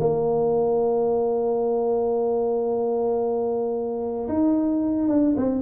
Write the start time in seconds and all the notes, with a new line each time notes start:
0.00 A#3
4.29 D#4
5.09 D4
5.37 C4